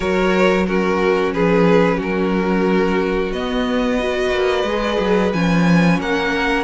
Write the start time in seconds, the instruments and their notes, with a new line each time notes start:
0.00 cello F#3, viola F#4, violin A#4 C#5
0.65 viola C#4, violin F#4 A#4
1.33 cello F3, violin G#4 B4
1.96 cello F#3, violin F#4 A#4
3.31 cello B3, viola B3, violin D#5
3.99 viola F#4, violin B4
4.30 cello A#3
4.63 cello G#3, viola G#4
4.99 cello F#3
5.33 cello F3, viola C#4, violin G#5
5.99 cello A#3, violin A#4 F#5